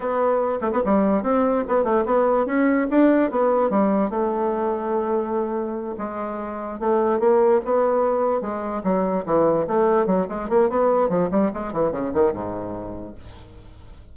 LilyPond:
\new Staff \with { instrumentName = "bassoon" } { \time 4/4 \tempo 4 = 146 b4. a16 b16 g4 c'4 | b8 a8 b4 cis'4 d'4 | b4 g4 a2~ | a2~ a8 gis4.~ |
gis8 a4 ais4 b4.~ | b8 gis4 fis4 e4 a8~ | a8 fis8 gis8 ais8 b4 f8 g8 | gis8 e8 cis8 dis8 gis,2 | }